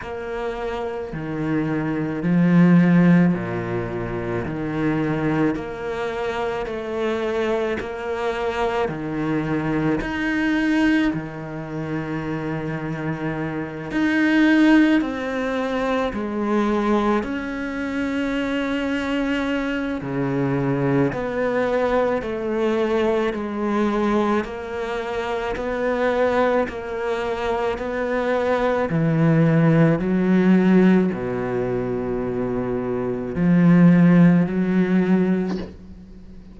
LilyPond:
\new Staff \with { instrumentName = "cello" } { \time 4/4 \tempo 4 = 54 ais4 dis4 f4 ais,4 | dis4 ais4 a4 ais4 | dis4 dis'4 dis2~ | dis8 dis'4 c'4 gis4 cis'8~ |
cis'2 cis4 b4 | a4 gis4 ais4 b4 | ais4 b4 e4 fis4 | b,2 f4 fis4 | }